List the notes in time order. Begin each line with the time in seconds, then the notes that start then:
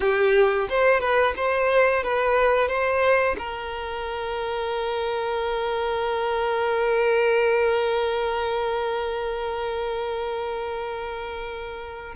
0.00 G4
0.69 C5
1.00 B4
1.36 C5
2.03 B4
2.68 C5
3.38 A#4